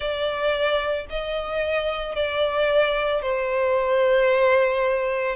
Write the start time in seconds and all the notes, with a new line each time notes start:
0.00 D5
1.10 D#5
2.15 D5
3.21 C5